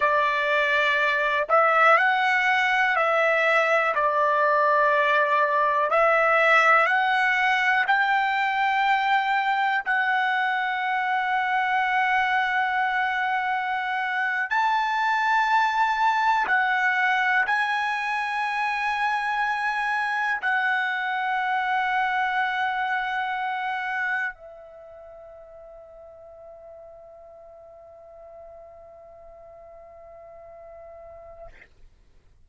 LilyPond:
\new Staff \with { instrumentName = "trumpet" } { \time 4/4 \tempo 4 = 61 d''4. e''8 fis''4 e''4 | d''2 e''4 fis''4 | g''2 fis''2~ | fis''2~ fis''8. a''4~ a''16~ |
a''8. fis''4 gis''2~ gis''16~ | gis''8. fis''2.~ fis''16~ | fis''8. e''2.~ e''16~ | e''1 | }